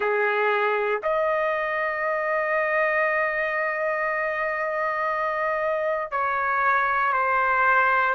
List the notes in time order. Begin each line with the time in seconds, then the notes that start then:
0.00 G#4
1.02 D#5
6.11 C#5
7.12 C5